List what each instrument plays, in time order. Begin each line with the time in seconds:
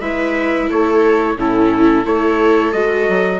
0.00 bassoon G#3, viola E4 B4, trumpet E5
0.69 bassoon A3, viola A4, trumpet C#5
1.36 bassoon A2, viola C#4 E4, trumpet A4
2.04 bassoon A3, viola E4 A4, trumpet C#5
2.72 bassoon G#3, viola F#4, trumpet D#5
3.08 bassoon F#3